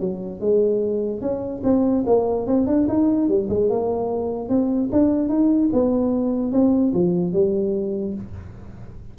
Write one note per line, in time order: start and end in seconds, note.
0.00 0.40 F#3
0.40 1.21 G#3
1.21 1.62 C#4
1.63 2.04 C4
2.06 2.47 A#3
2.47 2.66 C4
2.66 2.87 D4
2.88 3.28 D#4
3.28 3.49 G3
3.49 3.69 G#3
3.69 4.49 A#3
4.49 4.90 C4
4.92 5.29 D4
5.29 5.69 D#4
5.73 6.52 B3
6.52 6.92 C4
6.94 7.33 F3
7.33 8.14 G3